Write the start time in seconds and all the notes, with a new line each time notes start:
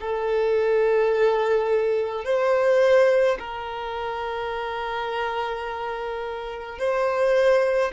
0.00 A4
2.25 C5
3.39 A#4
6.79 C5